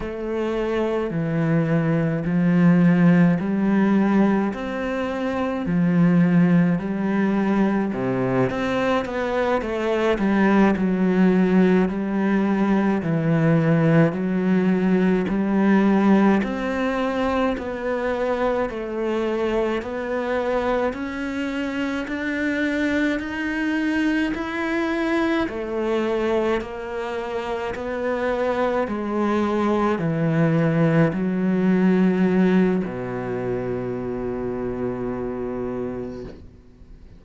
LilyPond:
\new Staff \with { instrumentName = "cello" } { \time 4/4 \tempo 4 = 53 a4 e4 f4 g4 | c'4 f4 g4 c8 c'8 | b8 a8 g8 fis4 g4 e8~ | e8 fis4 g4 c'4 b8~ |
b8 a4 b4 cis'4 d'8~ | d'8 dis'4 e'4 a4 ais8~ | ais8 b4 gis4 e4 fis8~ | fis4 b,2. | }